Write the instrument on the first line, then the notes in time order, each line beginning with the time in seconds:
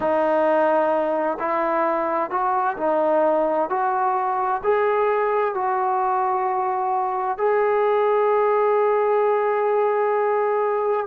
trombone
0.00 D#4
1.39 E4
2.30 F#4
2.77 D#4
3.69 F#4
4.63 G#4
5.54 F#4
7.37 G#4